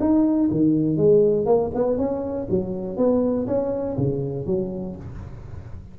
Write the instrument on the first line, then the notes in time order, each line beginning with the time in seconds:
tuba
0.00 D#4
0.51 D#3
0.97 G#3
1.46 A#3
1.75 B3
1.98 C#4
2.50 F#3
2.97 B3
3.47 C#4
3.97 C#3
4.47 F#3